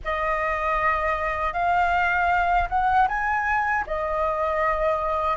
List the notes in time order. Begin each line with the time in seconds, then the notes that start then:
0.04 D#5
1.53 F5
2.69 F#5
3.08 G#5
3.86 D#5